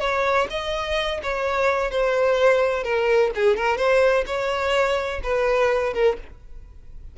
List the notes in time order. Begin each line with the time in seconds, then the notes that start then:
0.00 C#5
0.50 D#5
1.22 C#5
1.91 C5
2.83 A#4
3.35 G#4
3.56 A#4
3.77 C5
4.26 C#5
5.23 B4
5.94 A#4